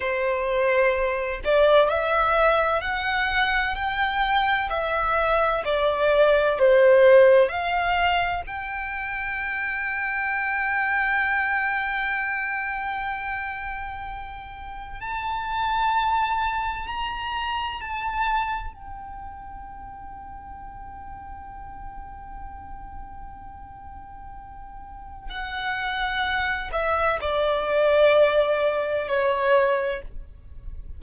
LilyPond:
\new Staff \with { instrumentName = "violin" } { \time 4/4 \tempo 4 = 64 c''4. d''8 e''4 fis''4 | g''4 e''4 d''4 c''4 | f''4 g''2.~ | g''1 |
a''2 ais''4 a''4 | g''1~ | g''2. fis''4~ | fis''8 e''8 d''2 cis''4 | }